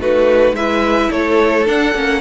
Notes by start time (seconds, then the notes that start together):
0.00 A3 D#4 F#4 B4
0.53 G#3 E4 B4 E5
1.11 A3 A4 C#5
1.66 D4 F#5
1.94 A#3 C#4